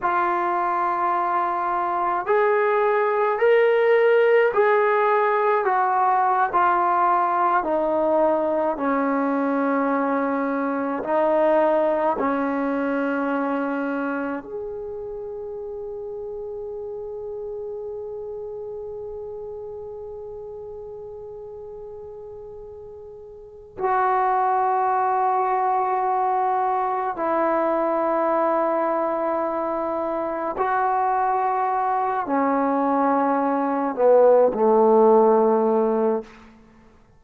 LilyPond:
\new Staff \with { instrumentName = "trombone" } { \time 4/4 \tempo 4 = 53 f'2 gis'4 ais'4 | gis'4 fis'8. f'4 dis'4 cis'16~ | cis'4.~ cis'16 dis'4 cis'4~ cis'16~ | cis'8. gis'2.~ gis'16~ |
gis'1~ | gis'4 fis'2. | e'2. fis'4~ | fis'8 cis'4. b8 a4. | }